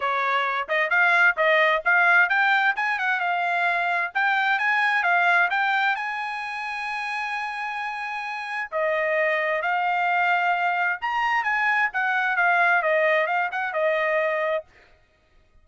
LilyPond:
\new Staff \with { instrumentName = "trumpet" } { \time 4/4 \tempo 4 = 131 cis''4. dis''8 f''4 dis''4 | f''4 g''4 gis''8 fis''8 f''4~ | f''4 g''4 gis''4 f''4 | g''4 gis''2.~ |
gis''2. dis''4~ | dis''4 f''2. | ais''4 gis''4 fis''4 f''4 | dis''4 f''8 fis''8 dis''2 | }